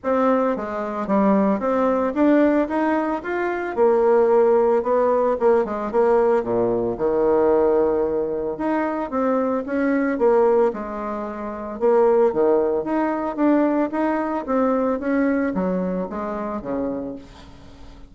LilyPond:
\new Staff \with { instrumentName = "bassoon" } { \time 4/4 \tempo 4 = 112 c'4 gis4 g4 c'4 | d'4 dis'4 f'4 ais4~ | ais4 b4 ais8 gis8 ais4 | ais,4 dis2. |
dis'4 c'4 cis'4 ais4 | gis2 ais4 dis4 | dis'4 d'4 dis'4 c'4 | cis'4 fis4 gis4 cis4 | }